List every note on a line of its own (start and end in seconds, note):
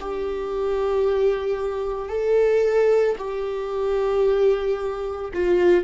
0.00 2.09 G4
2.09 3.16 A4
3.18 5.32 G4
5.33 5.84 F4